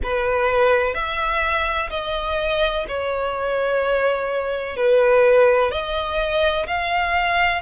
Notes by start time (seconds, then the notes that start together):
0.03 B4
0.94 E5
1.90 D#5
2.88 C#5
4.76 B4
5.71 D#5
6.67 F5